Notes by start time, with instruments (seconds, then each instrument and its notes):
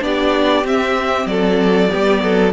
0.00 cello B3, viola D4, violin G4 D5
0.64 cello C4, viola C4, violin E5
1.26 cello F#3, violin A4 D5
1.89 cello G3, viola B3, violin G4
2.23 cello F#3, violin A4